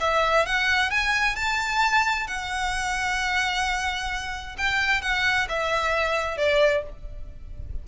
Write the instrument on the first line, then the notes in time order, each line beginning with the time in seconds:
violin
0.00 E5
0.46 F#5
0.90 G#5
1.36 A5
2.27 F#5
4.58 G5
5.02 F#5
5.49 E5
6.37 D5